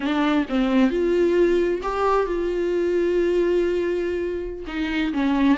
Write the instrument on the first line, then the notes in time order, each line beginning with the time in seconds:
viola
0.00 D4
0.49 C4
0.90 F4
1.82 G4
2.26 F4
4.67 D#4
5.13 C#4